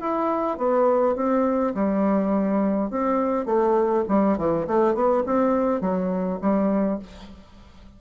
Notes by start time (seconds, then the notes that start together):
0.00 E4
0.57 B3
1.15 C4
1.74 G3
2.90 C4
3.45 A3
4.08 G3
4.37 E3
4.67 A3
4.94 B3
5.26 C4
5.80 F#3
6.41 G3